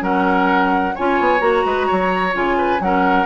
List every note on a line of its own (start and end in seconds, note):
0.00 0.95 F#3
0.00 0.93 C#4
0.00 0.95 A#4
0.00 0.96 F#5
0.95 1.20 C#4
0.95 1.39 F4
0.95 1.65 C#5
0.95 1.41 G#5
1.20 1.40 B3
1.39 1.64 A#3
1.39 2.32 F#4
1.39 2.34 A#5
1.65 1.88 G#3
1.65 1.87 B4
1.87 2.35 F#3
1.87 2.57 C#5
2.33 2.80 C#3
2.33 2.80 F4
2.33 2.82 G#5
2.58 2.81 B4
2.80 3.26 F#3
2.80 3.26 C#4
2.80 3.26 A#4
2.80 3.26 F#5